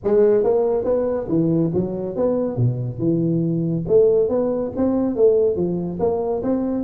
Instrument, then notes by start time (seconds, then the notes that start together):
tuba
0.04 G#3
0.43 A#3
0.84 B3
1.28 E3
1.74 F#3
2.15 B3
2.56 B2
2.98 E3
3.88 A3
4.28 B3
4.76 C4
5.15 A3
5.56 F3
5.99 A#3
6.43 C4